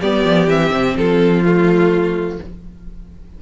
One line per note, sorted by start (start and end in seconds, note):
0.00 0.24 G3
0.00 0.47 B3
0.00 0.95 G4
0.00 0.49 D5
0.24 0.47 F3
0.47 0.70 E3
0.47 1.43 C4
0.47 0.96 E5
0.70 0.94 C3
0.96 2.38 F3
0.96 2.42 F4
0.96 1.43 A4
1.43 2.39 A3
1.43 2.38 F4